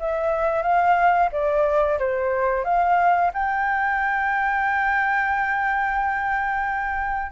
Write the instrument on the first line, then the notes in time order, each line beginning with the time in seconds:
flute
0.00 E5
0.63 F5
1.32 D5
1.99 C5
2.65 F5
3.34 G5